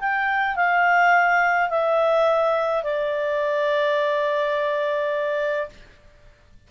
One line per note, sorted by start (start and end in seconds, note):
0.00 0.56 G5
0.56 1.70 F5
1.70 2.84 E5
2.84 5.70 D5